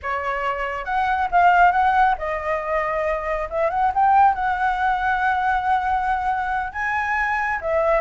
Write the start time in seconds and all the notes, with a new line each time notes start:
0.02 C#5
0.84 F#5
1.31 F5
1.71 F#5
2.18 D#5
3.50 E5
3.70 F#5
3.94 G5
4.34 F#5
6.72 G#5
7.61 E5